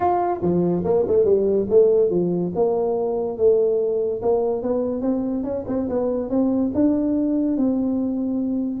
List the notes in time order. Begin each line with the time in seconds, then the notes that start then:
0.00 F4
0.42 F3
0.84 A#3
1.07 A3
1.24 G3
1.69 A3
2.10 F3
2.55 A#3
3.37 A3
4.22 A#3
4.62 B3
5.01 C4
5.43 C#4
5.67 C4
5.88 B3
6.29 C4
6.74 D4
7.57 C4